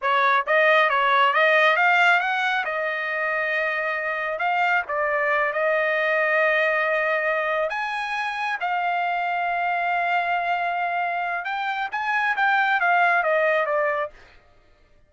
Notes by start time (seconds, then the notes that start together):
0.01 C#5
0.46 D#5
0.89 C#5
1.33 D#5
1.76 F5
2.20 F#5
2.65 D#5
4.38 F5
4.88 D5
5.53 D#5
7.69 G#5
8.60 F5
11.44 G5
11.91 G#5
12.36 G5
12.80 F5
13.23 D#5
13.66 D5